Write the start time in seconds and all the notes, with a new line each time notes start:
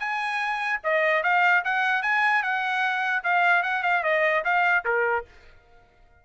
0.00 G#5
0.84 D#5
1.24 F5
1.65 F#5
2.03 G#5
2.43 F#5
3.24 F5
3.63 F#5
3.83 F5
4.04 D#5
4.45 F5
4.85 A#4